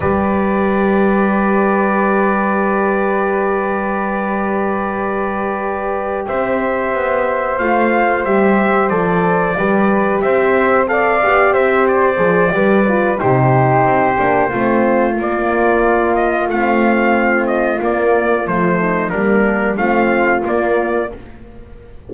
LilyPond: <<
  \new Staff \with { instrumentName = "trumpet" } { \time 4/4 \tempo 4 = 91 d''1~ | d''1~ | d''4. e''2 f''8~ | f''8 e''4 d''2 e''8~ |
e''8 f''4 e''8 d''2 | c''2. d''4~ | d''8 dis''8 f''4. dis''8 d''4 | c''4 ais'4 f''4 d''4 | }
  \new Staff \with { instrumentName = "flute" } { \time 4/4 b'1~ | b'1~ | b'4. c''2~ c''8~ | c''2~ c''8 b'4 c''8~ |
c''8 d''4 c''4. b'4 | g'2 f'2~ | f'1~ | f'8 dis'8 d'4 f'2 | }
  \new Staff \with { instrumentName = "horn" } { \time 4/4 g'1~ | g'1~ | g'2.~ g'8 f'8~ | f'8 g'4 a'4 g'4.~ |
g'8 a'8 g'4. gis'8 g'8 f'8 | dis'4. d'8 c'4 ais4~ | ais4 c'2 ais4 | a4 ais4 c'4 ais4 | }
  \new Staff \with { instrumentName = "double bass" } { \time 4/4 g1~ | g1~ | g4. c'4 b4 a8~ | a8 g4 f4 g4 c'8~ |
c'4 b8 c'4 f8 g4 | c4 c'8 ais8 a4 ais4~ | ais4 a2 ais4 | f4 g4 a4 ais4 | }
>>